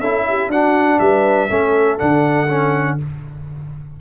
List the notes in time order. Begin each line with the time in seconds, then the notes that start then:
0.00 C#4 E4 A4 E5
0.29 G4
0.48 D4 F#4 F#5
0.99 G3 B4 E5
1.49 A3 C#4 A4
1.98 D3 D4 F#5
2.48 C#4